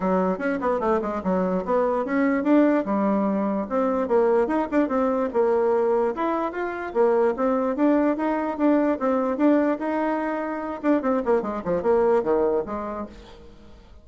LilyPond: \new Staff \with { instrumentName = "bassoon" } { \time 4/4 \tempo 4 = 147 fis4 cis'8 b8 a8 gis8 fis4 | b4 cis'4 d'4 g4~ | g4 c'4 ais4 dis'8 d'8 | c'4 ais2 e'4 |
f'4 ais4 c'4 d'4 | dis'4 d'4 c'4 d'4 | dis'2~ dis'8 d'8 c'8 ais8 | gis8 f8 ais4 dis4 gis4 | }